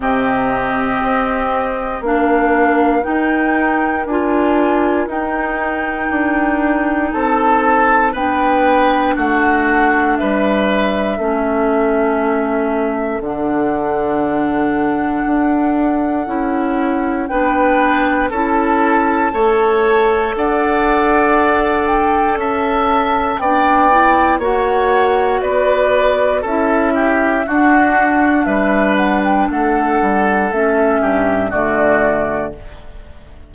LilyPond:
<<
  \new Staff \with { instrumentName = "flute" } { \time 4/4 \tempo 4 = 59 dis''2 f''4 g''4 | gis''4 g''2 a''4 | g''4 fis''4 e''2~ | e''4 fis''2.~ |
fis''4 g''4 a''2 | fis''4. g''8 a''4 g''4 | fis''4 d''4 e''4 fis''4 | e''8 fis''16 g''16 fis''4 e''4 d''4 | }
  \new Staff \with { instrumentName = "oboe" } { \time 4/4 g'2 ais'2~ | ais'2. a'4 | b'4 fis'4 b'4 a'4~ | a'1~ |
a'4 b'4 a'4 cis''4 | d''2 e''4 d''4 | cis''4 b'4 a'8 g'8 fis'4 | b'4 a'4. g'8 fis'4 | }
  \new Staff \with { instrumentName = "clarinet" } { \time 4/4 c'2 d'4 dis'4 | f'4 dis'2. | d'2. cis'4~ | cis'4 d'2. |
e'4 d'4 e'4 a'4~ | a'2. d'8 e'8 | fis'2 e'4 d'4~ | d'2 cis'4 a4 | }
  \new Staff \with { instrumentName = "bassoon" } { \time 4/4 c4 c'4 ais4 dis'4 | d'4 dis'4 d'4 c'4 | b4 a4 g4 a4~ | a4 d2 d'4 |
cis'4 b4 cis'4 a4 | d'2 cis'4 b4 | ais4 b4 cis'4 d'4 | g4 a8 g8 a8 g,8 d4 | }
>>